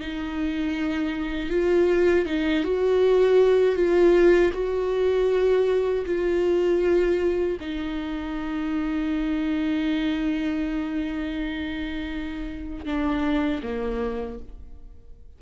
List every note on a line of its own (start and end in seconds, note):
0.00 1.50 D#4
1.50 2.26 F4
2.26 2.64 D#4
2.64 3.75 F#4
3.75 4.51 F4
4.53 6.04 F#4
6.05 7.57 F4
7.60 12.85 D#4
12.85 13.61 D4
13.63 14.39 A#3